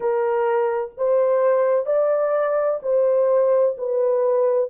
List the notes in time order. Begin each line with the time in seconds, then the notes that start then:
0.00 A#4
0.97 C5
1.86 D5
2.82 C5
3.77 B4